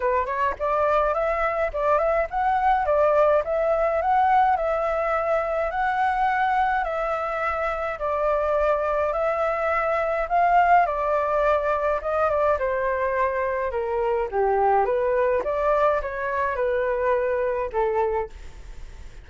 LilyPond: \new Staff \with { instrumentName = "flute" } { \time 4/4 \tempo 4 = 105 b'8 cis''8 d''4 e''4 d''8 e''8 | fis''4 d''4 e''4 fis''4 | e''2 fis''2 | e''2 d''2 |
e''2 f''4 d''4~ | d''4 dis''8 d''8 c''2 | ais'4 g'4 b'4 d''4 | cis''4 b'2 a'4 | }